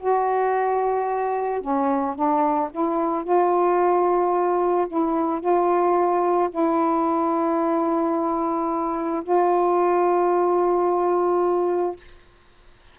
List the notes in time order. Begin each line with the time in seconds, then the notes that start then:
0.00 F#4
1.61 C#4
2.15 D4
2.71 E4
3.24 F4
4.88 E4
5.41 F4
6.51 E4
9.24 F4